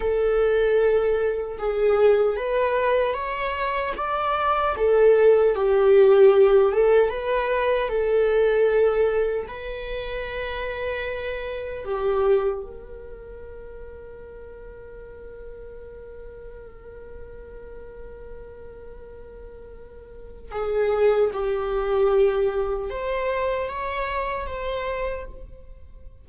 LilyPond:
\new Staff \with { instrumentName = "viola" } { \time 4/4 \tempo 4 = 76 a'2 gis'4 b'4 | cis''4 d''4 a'4 g'4~ | g'8 a'8 b'4 a'2 | b'2. g'4 |
ais'1~ | ais'1~ | ais'2 gis'4 g'4~ | g'4 c''4 cis''4 c''4 | }